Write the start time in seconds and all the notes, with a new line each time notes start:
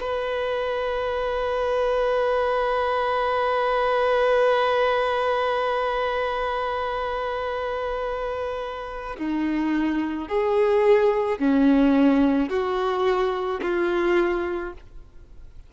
0.00 B4
9.17 D#4
10.28 G#4
11.38 C#4
12.49 F#4
13.62 F4